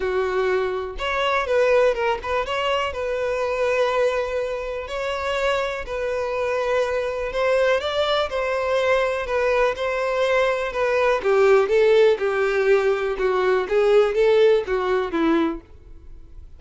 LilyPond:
\new Staff \with { instrumentName = "violin" } { \time 4/4 \tempo 4 = 123 fis'2 cis''4 b'4 | ais'8 b'8 cis''4 b'2~ | b'2 cis''2 | b'2. c''4 |
d''4 c''2 b'4 | c''2 b'4 g'4 | a'4 g'2 fis'4 | gis'4 a'4 fis'4 e'4 | }